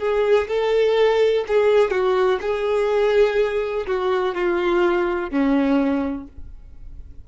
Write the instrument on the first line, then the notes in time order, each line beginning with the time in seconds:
violin
0.00 G#4
0.48 A4
1.48 G#4
1.91 F#4
2.41 G#4
3.87 F#4
4.35 F4
5.31 C#4